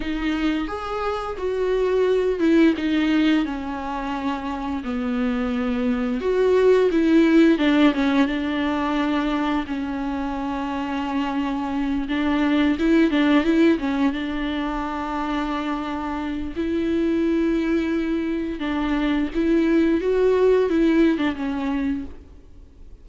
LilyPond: \new Staff \with { instrumentName = "viola" } { \time 4/4 \tempo 4 = 87 dis'4 gis'4 fis'4. e'8 | dis'4 cis'2 b4~ | b4 fis'4 e'4 d'8 cis'8 | d'2 cis'2~ |
cis'4. d'4 e'8 d'8 e'8 | cis'8 d'2.~ d'8 | e'2. d'4 | e'4 fis'4 e'8. d'16 cis'4 | }